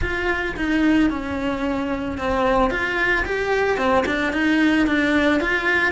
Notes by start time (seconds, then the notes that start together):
0.01 F4
0.56 D#4
1.10 C#4
2.17 C4
2.70 F4
3.25 G4
3.77 C4
4.06 D4
4.32 D#4
4.86 D4
5.40 F4